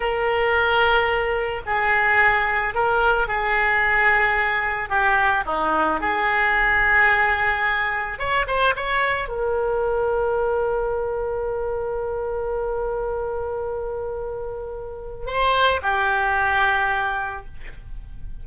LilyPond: \new Staff \with { instrumentName = "oboe" } { \time 4/4 \tempo 4 = 110 ais'2. gis'4~ | gis'4 ais'4 gis'2~ | gis'4 g'4 dis'4 gis'4~ | gis'2. cis''8 c''8 |
cis''4 ais'2.~ | ais'1~ | ais'1 | c''4 g'2. | }